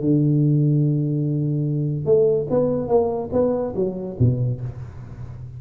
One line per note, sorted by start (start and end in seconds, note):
0.00 2.05 D3
2.05 2.46 A3
2.50 2.88 B3
2.88 3.29 A#3
3.32 3.73 B3
3.75 4.16 F#3
4.19 4.60 B2